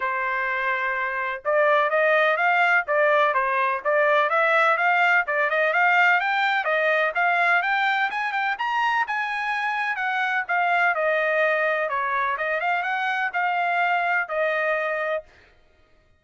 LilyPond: \new Staff \with { instrumentName = "trumpet" } { \time 4/4 \tempo 4 = 126 c''2. d''4 | dis''4 f''4 d''4 c''4 | d''4 e''4 f''4 d''8 dis''8 | f''4 g''4 dis''4 f''4 |
g''4 gis''8 g''8 ais''4 gis''4~ | gis''4 fis''4 f''4 dis''4~ | dis''4 cis''4 dis''8 f''8 fis''4 | f''2 dis''2 | }